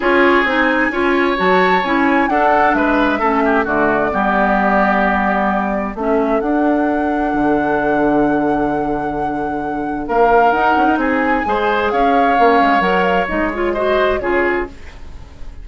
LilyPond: <<
  \new Staff \with { instrumentName = "flute" } { \time 4/4 \tempo 4 = 131 cis''4 gis''2 a''4 | gis''4 fis''4 e''2 | d''1~ | d''4 e''4 fis''2~ |
fis''1~ | fis''2 f''4 fis''4 | gis''2 f''2 | fis''8 f''8 dis''8 cis''8 dis''4 cis''4 | }
  \new Staff \with { instrumentName = "oboe" } { \time 4/4 gis'2 cis''2~ | cis''4 a'4 b'4 a'8 g'8 | fis'4 g'2.~ | g'4 a'2.~ |
a'1~ | a'2 ais'2 | gis'4 c''4 cis''2~ | cis''2 c''4 gis'4 | }
  \new Staff \with { instrumentName = "clarinet" } { \time 4/4 f'4 dis'4 f'4 fis'4 | e'4 d'2 cis'4 | a4 b2.~ | b4 cis'4 d'2~ |
d'1~ | d'2. dis'4~ | dis'4 gis'2 cis'4 | ais'4 dis'8 f'8 fis'4 f'4 | }
  \new Staff \with { instrumentName = "bassoon" } { \time 4/4 cis'4 c'4 cis'4 fis4 | cis'4 d'4 gis4 a4 | d4 g2.~ | g4 a4 d'2 |
d1~ | d2 ais4 dis'8 cis'16 dis'16 | c'4 gis4 cis'4 ais8 gis8 | fis4 gis2 cis4 | }
>>